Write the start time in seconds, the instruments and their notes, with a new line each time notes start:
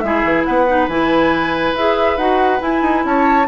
0.00 bassoon G#3, clarinet E4, oboe G#4, flute E5
0.24 bassoon E3
0.45 bassoon B3, oboe B4, flute F#5
0.68 clarinet D#4
0.88 bassoon E3, clarinet E4, flute G#5
1.74 bassoon E4, clarinet G#4, flute E5
2.18 bassoon D#4, clarinet F#4, flute F#5
2.60 clarinet E4, bassoon E4, flute G#5
2.82 bassoon D#4
3.05 bassoon C#4, oboe C#5, flute A5